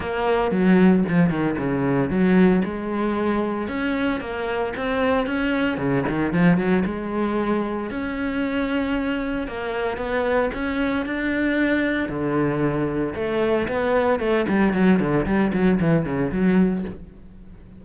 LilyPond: \new Staff \with { instrumentName = "cello" } { \time 4/4 \tempo 4 = 114 ais4 fis4 f8 dis8 cis4 | fis4 gis2 cis'4 | ais4 c'4 cis'4 cis8 dis8 | f8 fis8 gis2 cis'4~ |
cis'2 ais4 b4 | cis'4 d'2 d4~ | d4 a4 b4 a8 g8 | fis8 d8 g8 fis8 e8 cis8 fis4 | }